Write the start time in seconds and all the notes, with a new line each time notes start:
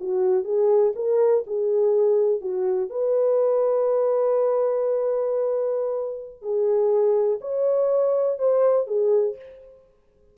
0.00 F#4
0.44 G#4
0.95 A#4
1.47 G#4
2.41 F#4
2.90 B4
6.42 G#4
7.41 C#5
8.39 C5
8.87 G#4